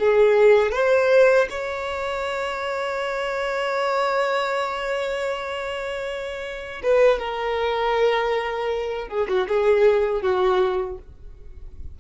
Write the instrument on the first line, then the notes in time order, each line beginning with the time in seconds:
violin
0.00 G#4
0.72 C5
1.51 C#5
6.84 B4
7.19 A#4
9.09 G#4
9.29 F#4
9.48 G#4
10.23 F#4